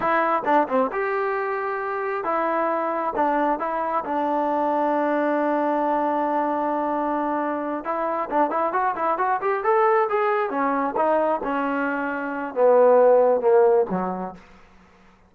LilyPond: \new Staff \with { instrumentName = "trombone" } { \time 4/4 \tempo 4 = 134 e'4 d'8 c'8 g'2~ | g'4 e'2 d'4 | e'4 d'2.~ | d'1~ |
d'4. e'4 d'8 e'8 fis'8 | e'8 fis'8 g'8 a'4 gis'4 cis'8~ | cis'8 dis'4 cis'2~ cis'8 | b2 ais4 fis4 | }